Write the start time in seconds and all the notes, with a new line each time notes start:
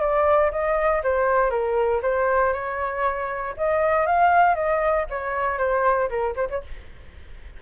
0.00 D5
0.52 D#5
1.04 C5
1.50 A#4
2.02 C5
2.53 C#5
3.57 D#5
4.06 F5
4.55 D#5
5.10 C#5
5.58 C5
6.09 A#4
6.36 C5
6.50 C#5